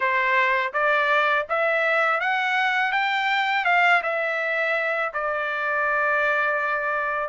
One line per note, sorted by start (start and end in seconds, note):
0.00 0.73 C5
0.73 1.46 D5
1.49 2.20 E5
2.20 2.92 F#5
2.92 3.65 G5
3.65 4.01 F5
4.02 5.12 E5
5.13 7.29 D5